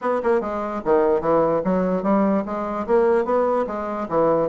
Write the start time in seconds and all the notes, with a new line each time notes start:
0.01 B3
0.23 A#3
0.40 G#3
0.84 D#3
1.20 E3
1.64 F#3
2.03 G3
2.45 G#3
2.86 A#3
3.24 B3
3.67 G#3
4.08 E3